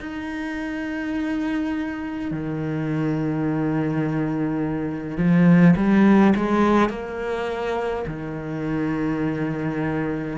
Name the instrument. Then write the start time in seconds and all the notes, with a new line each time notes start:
cello
0.00 D#4
2.31 D#3
5.18 F3
5.76 G3
6.36 G#3
6.90 A#3
8.07 D#3